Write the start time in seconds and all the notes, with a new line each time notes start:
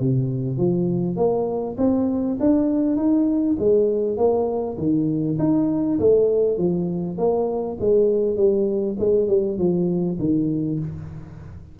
0.00 C3
0.58 F3
1.17 A#3
1.78 C4
2.40 D4
2.97 D#4
3.59 G#3
4.18 A#3
4.78 D#3
5.39 D#4
6.00 A3
6.58 F3
7.18 A#3
7.80 G#3
8.37 G3
8.99 G#3
9.28 G3
9.58 F3
10.19 D#3